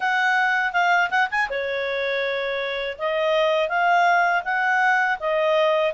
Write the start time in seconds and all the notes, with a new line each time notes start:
0.00 F#5
0.72 F5
1.10 F#5
1.30 G#5
1.49 C#5
2.98 D#5
3.68 F5
4.44 F#5
5.19 D#5